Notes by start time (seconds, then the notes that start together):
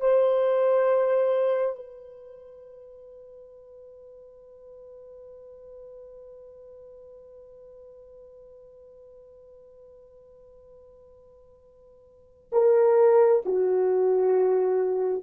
0.00 C5
1.76 B4
12.52 A#4
13.45 F#4